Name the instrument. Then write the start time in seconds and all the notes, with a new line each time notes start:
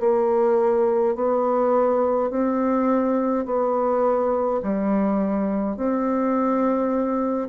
bassoon
0.00 A#3
1.15 B3
2.30 C4
3.46 B3
4.63 G3
5.76 C4